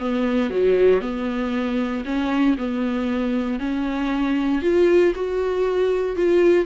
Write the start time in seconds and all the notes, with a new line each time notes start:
0.00 B3
0.51 F#3
1.02 B3
2.05 C#4
2.58 B3
3.60 C#4
4.62 F4
5.16 F#4
6.17 F4